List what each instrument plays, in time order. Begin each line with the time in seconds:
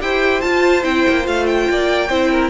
0.00 cello E4, viola G4, violin C5 G5
0.41 viola F4, cello F4, violin A5
0.82 cello C4, viola E4, violin G5
1.09 cello A#3
1.23 cello A3, viola F4, violin F5
1.46 violin G5
1.69 cello A#3, violin D5
2.09 cello C4, viola E4, violin C5
2.30 violin A#4